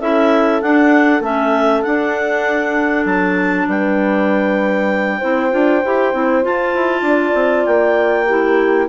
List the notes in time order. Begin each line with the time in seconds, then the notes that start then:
0.00 C#4 E4 A4 E5
0.62 D4 F#5
1.20 A3 C#4 E5
1.82 D4 F#5
3.05 F#3 A5
3.68 G3 B4 G5
5.18 C4 E4 C5
5.51 D4 F4
5.85 E4 G4
6.13 C4 E4
6.43 F4 A5
6.75 E4
7.02 D4
7.08 D5
7.35 C4
7.66 A#3 G5
8.27 E4 G4